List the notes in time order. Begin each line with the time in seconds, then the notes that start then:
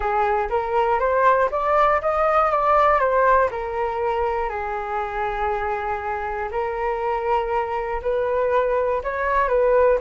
0.00 G#4
0.49 A#4
0.99 C5
1.51 D5
2.01 D#5
2.51 D5
2.99 C5
3.50 A#4
4.49 G#4
6.51 A#4
8.02 B4
9.03 C#5
9.48 B4